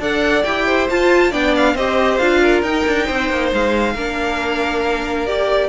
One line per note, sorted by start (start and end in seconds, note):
0.00 0.44 D4
0.00 0.45 A4
0.00 0.66 D5
0.00 0.44 F#5
0.44 0.89 E4
0.44 0.90 G4
0.44 0.88 G5
0.66 1.31 C5
0.90 1.33 F4
0.90 1.32 F4
0.90 1.33 A5
1.31 1.75 B3
1.31 1.76 D4
1.31 1.75 D5
1.31 1.55 G5
1.56 1.77 F5
1.75 2.19 C4
1.75 2.21 G4
1.75 2.41 C5
1.75 2.18 D#5
2.18 2.63 D4
2.18 2.65 F4
2.18 2.62 F5
2.42 3.06 A#4
2.63 2.85 D#4
2.63 3.96 D#4
2.63 3.51 G5
2.87 3.08 D4
3.06 3.30 C4
3.06 3.93 C5
3.30 3.52 A#3
3.53 3.95 G#3
3.53 5.26 F5
3.94 5.69 A#3
3.94 5.27 D4
3.94 5.69 A#4
5.26 5.69 G4
5.26 5.69 D5